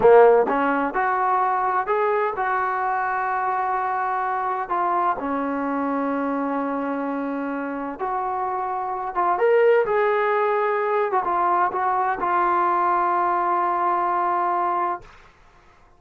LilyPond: \new Staff \with { instrumentName = "trombone" } { \time 4/4 \tempo 4 = 128 ais4 cis'4 fis'2 | gis'4 fis'2.~ | fis'2 f'4 cis'4~ | cis'1~ |
cis'4 fis'2~ fis'8 f'8 | ais'4 gis'2~ gis'8. fis'16 | f'4 fis'4 f'2~ | f'1 | }